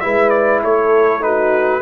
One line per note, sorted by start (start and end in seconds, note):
0.00 0.64 G#3
0.00 1.20 E4
0.00 0.63 B4
0.00 0.30 E5
0.30 0.60 D5
0.64 1.82 A3
0.64 1.24 A4
0.64 1.23 C#5
1.20 1.80 D#4
1.20 1.82 F#4
1.20 1.82 B4